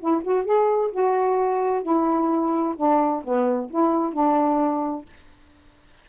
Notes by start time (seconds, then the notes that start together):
0.00 E4
0.24 F#4
0.45 G#4
0.92 F#4
1.83 E4
2.77 D4
3.24 B3
3.70 E4
4.13 D4